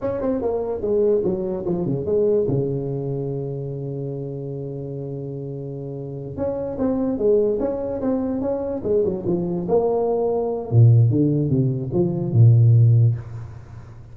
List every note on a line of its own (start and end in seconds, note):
0.01 0.21 C#4
0.21 0.41 C4
0.41 0.81 A#3
0.81 1.22 G#3
1.24 1.65 F#3
1.65 1.85 F3
1.85 2.05 C#3
2.05 2.46 G#3
2.48 6.36 C#3
6.36 6.77 C#4
6.78 7.17 C4
7.17 7.59 G#3
7.59 8.00 C#4
8.01 8.41 C4
8.41 8.82 C#4
8.83 9.04 G#3
9.04 9.25 F#3
9.26 9.67 F3
9.68 10.71 A#3
10.71 11.10 A#2
11.10 11.49 D3
11.49 11.90 C3
11.93 12.33 F3
12.33 13.15 A#2